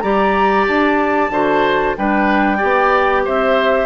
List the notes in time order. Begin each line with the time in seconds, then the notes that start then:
0.00 G3 G4 D5 A#5
0.67 D4 A5
1.30 D3 F#4 C5
1.97 G3 D4 B4 G5
2.58 B3 G4 D5
3.25 C4 C5 E5